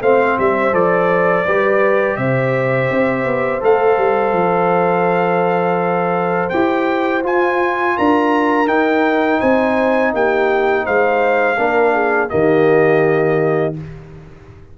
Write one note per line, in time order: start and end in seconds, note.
0.00 0.36 A3
0.00 0.72 C4
0.00 1.45 C5
0.00 0.38 F5
0.38 0.73 G3
0.38 0.74 E5
0.72 1.45 F3
0.72 1.44 A4
0.72 2.16 D5
1.45 2.17 G3
1.45 3.60 G4
1.45 2.17 B4
2.16 2.89 C3
2.16 7.97 C5
2.16 3.61 E5
2.90 3.25 C4
3.25 3.61 B3
3.60 3.97 A3
3.60 6.49 A4
3.60 6.49 F5
3.97 4.32 G3
4.32 6.49 F3
6.49 7.24 E4
6.49 7.23 G4
6.49 7.21 G5
7.23 8.67 F4
7.23 7.96 F4
7.23 7.97 G#5
7.97 8.67 D4
7.97 9.40 A#4
7.97 8.67 A#5
8.67 9.39 D#4
8.67 11.56 D#4
8.67 9.40 G5
9.40 10.13 C4
9.40 10.12 C5
9.40 10.12 G#5
10.13 10.86 A#3
10.13 10.84 G4
10.13 10.86 G5
10.84 11.57 G#3
10.84 11.57 C5
10.84 12.29 F5
11.57 12.30 A#3
11.57 12.29 D4
11.57 11.93 A#4
11.93 12.30 G#4
12.29 13.78 D#3
12.29 13.73 A#3
12.29 13.75 G4
12.29 13.74 D#5